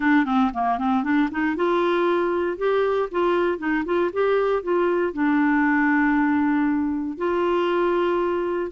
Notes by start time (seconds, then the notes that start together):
0.00 D4
0.25 C4
0.53 A#3
0.78 C4
1.03 D4
1.31 D#4
1.56 F4
2.57 G4
3.11 F4
3.58 D#4
3.85 F4
4.13 G4
4.62 F4
5.13 D4
7.17 F4